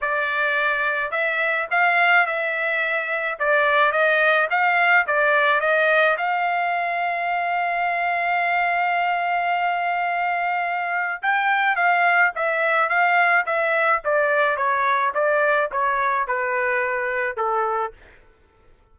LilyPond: \new Staff \with { instrumentName = "trumpet" } { \time 4/4 \tempo 4 = 107 d''2 e''4 f''4 | e''2 d''4 dis''4 | f''4 d''4 dis''4 f''4~ | f''1~ |
f''1 | g''4 f''4 e''4 f''4 | e''4 d''4 cis''4 d''4 | cis''4 b'2 a'4 | }